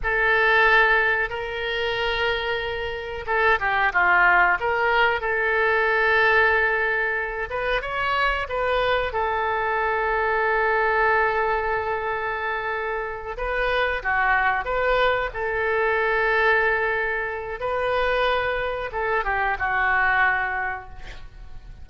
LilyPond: \new Staff \with { instrumentName = "oboe" } { \time 4/4 \tempo 4 = 92 a'2 ais'2~ | ais'4 a'8 g'8 f'4 ais'4 | a'2.~ a'8 b'8 | cis''4 b'4 a'2~ |
a'1~ | a'8 b'4 fis'4 b'4 a'8~ | a'2. b'4~ | b'4 a'8 g'8 fis'2 | }